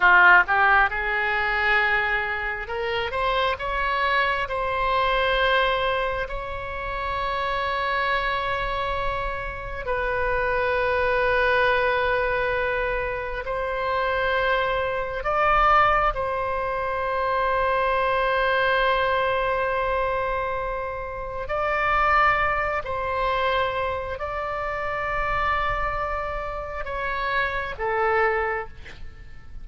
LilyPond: \new Staff \with { instrumentName = "oboe" } { \time 4/4 \tempo 4 = 67 f'8 g'8 gis'2 ais'8 c''8 | cis''4 c''2 cis''4~ | cis''2. b'4~ | b'2. c''4~ |
c''4 d''4 c''2~ | c''1 | d''4. c''4. d''4~ | d''2 cis''4 a'4 | }